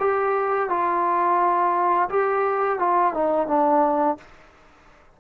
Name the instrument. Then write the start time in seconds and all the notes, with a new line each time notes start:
trombone
0.00 G4
0.70 F4
2.10 G4
2.79 F4
3.14 D#4
3.48 D4